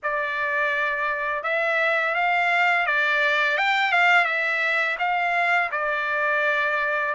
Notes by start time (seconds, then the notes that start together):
0.03 D5
1.43 E5
2.15 F5
2.86 D5
3.57 G5
3.92 F5
4.24 E5
4.98 F5
5.71 D5